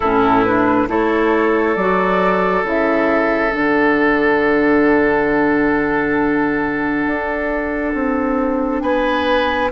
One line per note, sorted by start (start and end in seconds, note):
0.00 0.88 A2
0.00 0.46 C#4
0.00 0.87 E4
0.00 0.43 A4
0.43 0.87 D4
0.43 0.87 B4
0.87 1.76 A3
0.87 1.76 E4
0.87 8.83 A4
0.87 1.75 C#5
1.75 2.63 F#3
1.75 2.65 F#4
1.75 2.64 D5
2.63 3.51 C#3
2.63 3.51 E4
2.63 3.53 E5
3.51 7.06 D3
3.51 9.68 D4
3.51 8.80 F#5
7.06 7.94 D4
7.94 8.82 C4
8.80 9.70 B3
8.80 9.71 B4
8.80 9.69 G#5